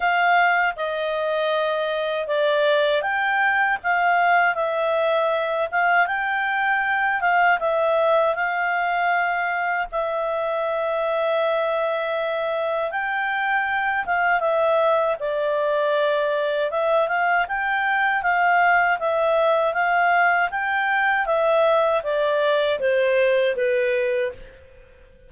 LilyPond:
\new Staff \with { instrumentName = "clarinet" } { \time 4/4 \tempo 4 = 79 f''4 dis''2 d''4 | g''4 f''4 e''4. f''8 | g''4. f''8 e''4 f''4~ | f''4 e''2.~ |
e''4 g''4. f''8 e''4 | d''2 e''8 f''8 g''4 | f''4 e''4 f''4 g''4 | e''4 d''4 c''4 b'4 | }